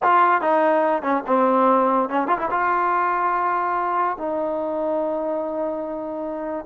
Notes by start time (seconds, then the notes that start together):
0.02 F4
0.41 D#4
1.02 C#4
1.27 C4
2.09 C#4
2.27 F4
2.38 E4
2.50 F4
4.17 D#4